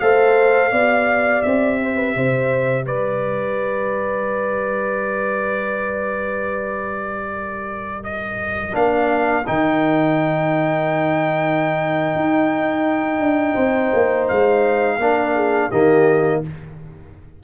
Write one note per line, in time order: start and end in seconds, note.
0.00 0.72 A3
0.00 0.73 A4
0.00 0.72 C5
0.00 1.42 F5
0.72 1.43 B3
0.72 8.72 G4
0.72 1.79 D5
1.42 2.15 C4
1.42 2.85 E5
1.82 1.96 C5
1.96 2.14 B4
2.15 2.86 C3
2.15 2.86 C5
2.86 8.74 G3
2.86 7.32 B4
2.86 8.04 D5
7.32 13.54 A#4
8.04 8.75 D#5
8.72 9.46 A#3
8.72 9.43 D4
8.72 9.47 F5
9.47 12.15 D#3
9.47 15.00 D#4
9.47 14.28 G5
12.15 13.19 D#4
13.19 13.55 D4
13.54 13.92 C4
13.54 14.97 C5
13.93 14.29 A#3
14.28 14.98 G#3
14.28 15.71 F5
14.97 15.69 A#3
14.97 15.72 D4
14.97 15.33 A#4
15.35 15.69 G#4
15.69 16.43 D#3
15.69 16.43 A#3
15.69 16.41 G4
15.69 16.42 D#5